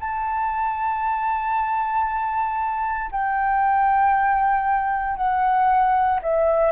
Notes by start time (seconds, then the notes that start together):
0.00 A5
3.12 G5
5.16 F#5
6.22 E5